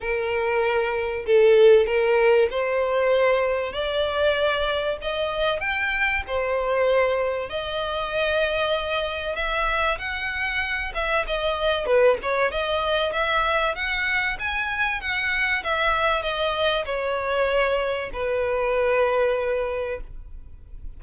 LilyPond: \new Staff \with { instrumentName = "violin" } { \time 4/4 \tempo 4 = 96 ais'2 a'4 ais'4 | c''2 d''2 | dis''4 g''4 c''2 | dis''2. e''4 |
fis''4. e''8 dis''4 b'8 cis''8 | dis''4 e''4 fis''4 gis''4 | fis''4 e''4 dis''4 cis''4~ | cis''4 b'2. | }